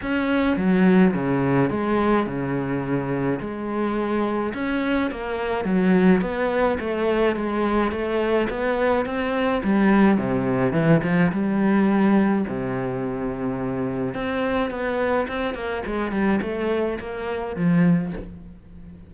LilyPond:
\new Staff \with { instrumentName = "cello" } { \time 4/4 \tempo 4 = 106 cis'4 fis4 cis4 gis4 | cis2 gis2 | cis'4 ais4 fis4 b4 | a4 gis4 a4 b4 |
c'4 g4 c4 e8 f8 | g2 c2~ | c4 c'4 b4 c'8 ais8 | gis8 g8 a4 ais4 f4 | }